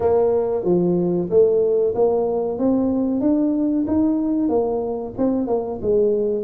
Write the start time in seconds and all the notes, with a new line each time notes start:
0.00 A#3
0.64 F3
1.30 A3
1.94 A#3
2.58 C4
3.21 D4
3.87 D#4
4.48 A#3
5.17 C4
5.47 A#3
5.81 G#3